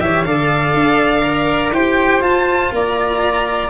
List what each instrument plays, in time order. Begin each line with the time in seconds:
0.00 tuba E3, cello G4, flute C#5, violin E5
0.24 tuba D3, cello A4, flute D5, violin F5
0.74 tuba D4
1.23 cello A#4
1.72 tuba E4, cello G4, flute C5, violin G5
2.20 tuba F4, cello F4, violin A5
2.72 tuba A#3, flute D5, violin A#5